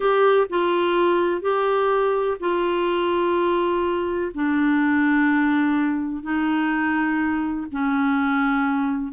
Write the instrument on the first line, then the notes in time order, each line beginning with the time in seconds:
clarinet
0.00 G4
0.49 F4
1.41 G4
2.40 F4
4.34 D4
6.22 D#4
7.71 C#4